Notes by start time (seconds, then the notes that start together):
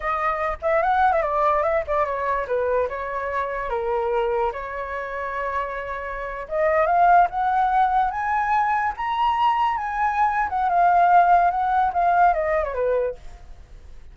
0.00 D#5
0.61 E5
0.82 F#5
1.12 E5
1.22 D5
1.63 E5
1.87 D5
2.05 C#5
2.47 B4
2.89 C#5
3.69 A#4
4.52 C#5
6.48 D#5
6.86 F5
7.30 F#5
8.11 G#5
8.96 A#5
9.77 G#5
10.49 F#5
10.69 F5
11.50 F#5
11.93 F5
12.33 D#5
12.63 C#5
12.74 B4